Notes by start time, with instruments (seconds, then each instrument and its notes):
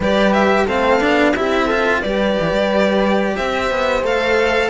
0.00 cello G3 G4, horn B4, violin D5
0.32 violin E5
0.66 cello A3 C4, horn A4, violin F5
1.00 cello B3 D4
1.35 cello C4 E4, horn G4, violin E5
1.66 cello F4, horn A4
2.01 cello G3 G4, horn B4, violin D5
2.39 cello E3
2.51 cello G3
3.36 cello C4, horn C5, violin E5
3.71 cello B3
4.02 cello A3 A4, violin F5